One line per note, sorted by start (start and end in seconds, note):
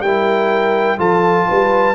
0.00 0.97 G3
0.00 0.98 E4
0.00 0.98 A#4
0.00 0.98 G5
0.98 1.47 F3
0.98 1.95 F4
0.98 1.46 A4
0.98 1.95 A5
1.48 1.95 G3
1.48 1.95 B4